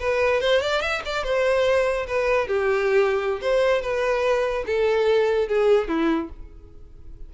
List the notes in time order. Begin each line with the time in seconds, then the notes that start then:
0.00 B4
0.41 C5
0.62 D5
0.81 E5
1.06 D5
1.24 C5
2.07 B4
2.48 G4
3.42 C5
3.82 B4
4.67 A4
5.48 G#4
5.88 E4